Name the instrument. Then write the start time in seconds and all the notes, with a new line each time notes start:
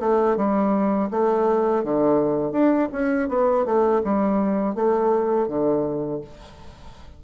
bassoon
0.00 A3
0.37 G3
1.11 A3
1.84 D3
2.52 D4
2.92 C#4
3.29 B3
3.65 A3
4.04 G3
4.75 A3
5.48 D3